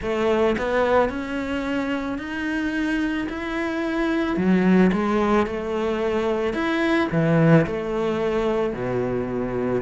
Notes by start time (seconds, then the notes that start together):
0.01 A3
0.58 B3
1.09 C#4
2.18 D#4
3.29 E4
4.36 F#3
4.92 G#3
5.46 A3
6.53 E4
7.11 E3
7.66 A3
8.73 B2